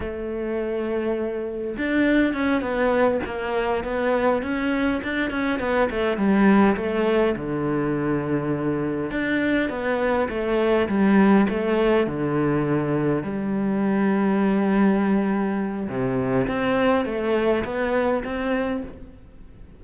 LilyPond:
\new Staff \with { instrumentName = "cello" } { \time 4/4 \tempo 4 = 102 a2. d'4 | cis'8 b4 ais4 b4 cis'8~ | cis'8 d'8 cis'8 b8 a8 g4 a8~ | a8 d2. d'8~ |
d'8 b4 a4 g4 a8~ | a8 d2 g4.~ | g2. c4 | c'4 a4 b4 c'4 | }